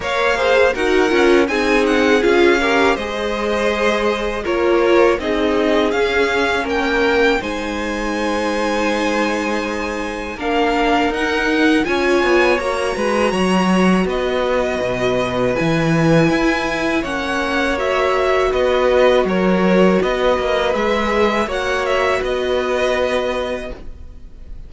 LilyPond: <<
  \new Staff \with { instrumentName = "violin" } { \time 4/4 \tempo 4 = 81 f''4 fis''4 gis''8 fis''8 f''4 | dis''2 cis''4 dis''4 | f''4 g''4 gis''2~ | gis''2 f''4 fis''4 |
gis''4 ais''2 dis''4~ | dis''4 gis''2 fis''4 | e''4 dis''4 cis''4 dis''4 | e''4 fis''8 e''8 dis''2 | }
  \new Staff \with { instrumentName = "violin" } { \time 4/4 cis''8 c''8 ais'4 gis'4. ais'8 | c''2 ais'4 gis'4~ | gis'4 ais'4 c''2~ | c''2 ais'2 |
cis''4. b'8 cis''4 b'4~ | b'2. cis''4~ | cis''4 b'4 ais'4 b'4~ | b'4 cis''4 b'2 | }
  \new Staff \with { instrumentName = "viola" } { \time 4/4 ais'8 gis'8 fis'8 f'8 dis'4 f'8 g'8 | gis'2 f'4 dis'4 | cis'2 dis'2~ | dis'2 d'4 dis'4 |
f'4 fis'2.~ | fis'4 e'2 cis'4 | fis'1 | gis'4 fis'2. | }
  \new Staff \with { instrumentName = "cello" } { \time 4/4 ais4 dis'8 cis'8 c'4 cis'4 | gis2 ais4 c'4 | cis'4 ais4 gis2~ | gis2 ais4 dis'4 |
cis'8 b8 ais8 gis8 fis4 b4 | b,4 e4 e'4 ais4~ | ais4 b4 fis4 b8 ais8 | gis4 ais4 b2 | }
>>